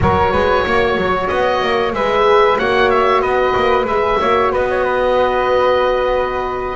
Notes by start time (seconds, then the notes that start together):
0.00 F#3 F#4 A#4 C#5
0.32 G#3 B4
0.65 A#3 C#5
0.97 F#3
1.27 B3 D#5
1.62 A#3
1.92 G#3 G#4 B4 E5
2.58 A#3 F#4 C#5 F#5
2.90 E5
3.21 B3 B4 D#5
3.56 A#3
3.84 G#3 G#4 E5
4.19 A#3 F#4 C#5
4.51 B3 B4 D#5
4.70 C#5
4.83 B4